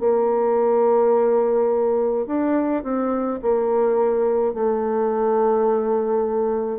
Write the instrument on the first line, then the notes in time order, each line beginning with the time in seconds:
bassoon
0.00 A#3
2.26 D4
2.84 C4
3.42 A#3
4.54 A3